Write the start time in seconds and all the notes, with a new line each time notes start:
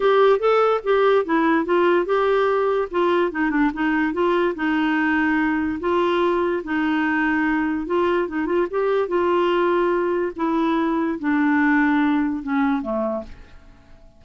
0.00 G4
0.39 A4
0.83 G4
1.25 E4
1.65 F4
2.05 G4
2.91 F4
3.31 D#4
3.50 D4
3.73 D#4
4.13 F4
4.55 D#4
5.80 F4
6.64 D#4
7.86 F4
8.28 D#4
8.46 F4
8.70 G4
9.08 F4
10.36 E4
11.19 D4
12.42 C#4
12.82 A3